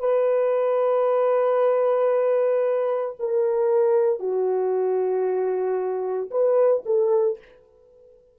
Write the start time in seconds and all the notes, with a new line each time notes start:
0.00 B4
3.19 A#4
4.20 F#4
6.31 B4
6.86 A4